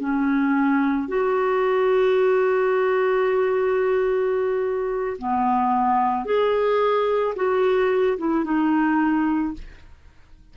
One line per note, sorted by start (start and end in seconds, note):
0.00 1.08 C#4
1.08 5.17 F#4
5.18 6.25 B3
6.25 7.34 G#4
7.36 8.18 F#4
8.18 8.44 E4
8.44 9.54 D#4